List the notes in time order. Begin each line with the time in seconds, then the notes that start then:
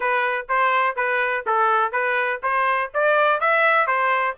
0.00 B4
0.48 C5
0.96 B4
1.46 A4
1.92 B4
2.42 C5
2.93 D5
3.40 E5
3.86 C5